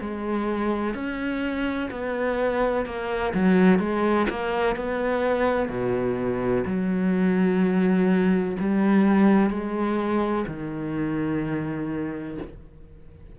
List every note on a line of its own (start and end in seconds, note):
0.00 0.94 G#3
0.94 1.89 C#4
1.90 2.85 B3
2.85 3.33 A#3
3.34 3.79 F#3
3.79 4.26 G#3
4.29 4.76 A#3
4.76 5.68 B3
5.68 6.64 B2
6.66 8.56 F#3
8.59 9.49 G3
9.49 10.45 G#3
10.47 12.38 D#3